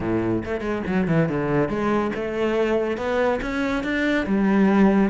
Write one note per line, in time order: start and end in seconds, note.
0.00 0.43 A2
0.45 0.61 A3
0.61 0.82 G#3
0.86 1.07 F#3
1.07 1.28 E3
1.28 1.68 D3
1.68 2.11 G#3
2.15 2.97 A3
2.97 3.39 B3
3.41 3.83 C#4
3.83 4.26 D4
4.26 5.10 G3